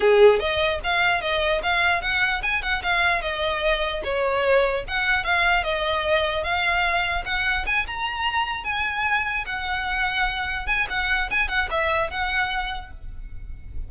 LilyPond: \new Staff \with { instrumentName = "violin" } { \time 4/4 \tempo 4 = 149 gis'4 dis''4 f''4 dis''4 | f''4 fis''4 gis''8 fis''8 f''4 | dis''2 cis''2 | fis''4 f''4 dis''2 |
f''2 fis''4 gis''8 ais''8~ | ais''4. gis''2 fis''8~ | fis''2~ fis''8 gis''8 fis''4 | gis''8 fis''8 e''4 fis''2 | }